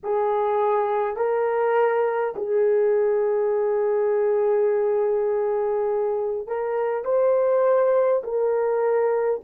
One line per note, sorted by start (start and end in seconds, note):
0.03 1.16 G#4
1.16 2.34 A#4
2.36 6.47 G#4
6.47 7.04 A#4
7.04 8.22 C5
8.24 9.41 A#4